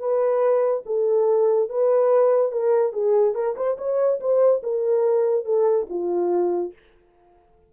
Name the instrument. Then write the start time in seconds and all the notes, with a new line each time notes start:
horn
0.00 B4
0.86 A4
1.70 B4
2.52 A#4
2.93 G#4
3.35 A#4
3.56 C5
3.78 C#5
4.21 C5
4.63 A#4
5.45 A4
5.90 F4